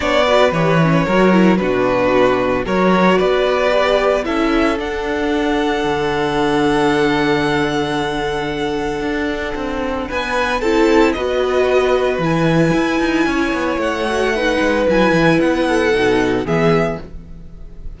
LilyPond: <<
  \new Staff \with { instrumentName = "violin" } { \time 4/4 \tempo 4 = 113 d''4 cis''2 b'4~ | b'4 cis''4 d''2 | e''4 fis''2.~ | fis''1~ |
fis''2. gis''4 | a''4 dis''2 gis''4~ | gis''2 fis''2 | gis''4 fis''2 e''4 | }
  \new Staff \with { instrumentName = "violin" } { \time 4/4 cis''8 b'4. ais'4 fis'4~ | fis'4 ais'4 b'2 | a'1~ | a'1~ |
a'2. b'4 | a'4 b'2.~ | b'4 cis''2 b'4~ | b'4. a'4. gis'4 | }
  \new Staff \with { instrumentName = "viola" } { \time 4/4 d'8 fis'8 g'8 cis'8 fis'8 e'8 d'4~ | d'4 fis'2 g'4 | e'4 d'2.~ | d'1~ |
d'1 | e'4 fis'2 e'4~ | e'2~ e'8 fis'8 dis'4 | e'2 dis'4 b4 | }
  \new Staff \with { instrumentName = "cello" } { \time 4/4 b4 e4 fis4 b,4~ | b,4 fis4 b2 | cis'4 d'2 d4~ | d1~ |
d4 d'4 c'4 b4 | c'4 b2 e4 | e'8 dis'8 cis'8 b8 a4. gis8 | fis8 e8 b4 b,4 e4 | }
>>